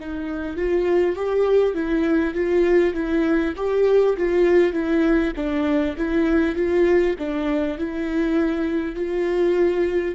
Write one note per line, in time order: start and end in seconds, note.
0.00 0.57 D#4
0.57 1.17 F4
1.17 1.75 G4
1.75 2.35 E4
2.35 2.94 F4
2.94 3.54 E4
3.57 4.17 G4
4.17 4.73 F4
4.73 5.33 E4
5.37 5.97 D4
5.97 6.56 E4
6.56 7.16 F4
7.19 7.78 D4
7.78 8.96 E4
8.96 10.16 F4